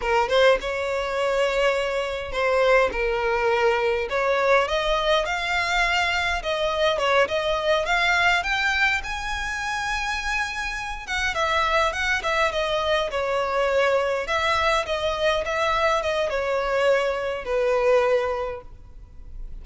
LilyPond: \new Staff \with { instrumentName = "violin" } { \time 4/4 \tempo 4 = 103 ais'8 c''8 cis''2. | c''4 ais'2 cis''4 | dis''4 f''2 dis''4 | cis''8 dis''4 f''4 g''4 gis''8~ |
gis''2. fis''8 e''8~ | e''8 fis''8 e''8 dis''4 cis''4.~ | cis''8 e''4 dis''4 e''4 dis''8 | cis''2 b'2 | }